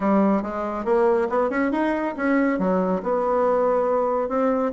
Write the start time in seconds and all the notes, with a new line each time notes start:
0.00 G3
0.42 G#3
0.84 A#3
1.29 B3
1.50 C#4
1.71 D#4
2.16 C#4
2.58 F#3
3.02 B3
4.29 C4